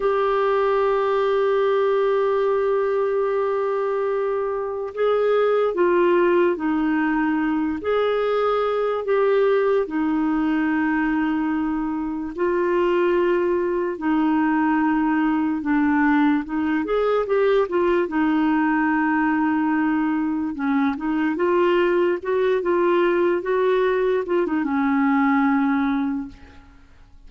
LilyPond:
\new Staff \with { instrumentName = "clarinet" } { \time 4/4 \tempo 4 = 73 g'1~ | g'2 gis'4 f'4 | dis'4. gis'4. g'4 | dis'2. f'4~ |
f'4 dis'2 d'4 | dis'8 gis'8 g'8 f'8 dis'2~ | dis'4 cis'8 dis'8 f'4 fis'8 f'8~ | f'8 fis'4 f'16 dis'16 cis'2 | }